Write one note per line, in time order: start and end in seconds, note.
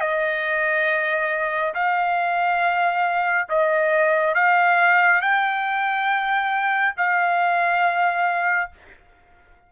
0.00 1.74 D#5
1.74 3.48 F5
3.49 4.35 D#5
4.35 5.21 F5
5.21 6.95 G5
6.97 8.71 F5